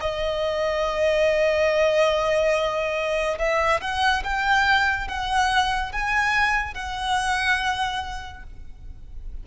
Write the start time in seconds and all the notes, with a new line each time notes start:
0.00 D#5
3.38 E5
3.81 F#5
4.23 G5
5.08 F#5
5.92 G#5
6.74 F#5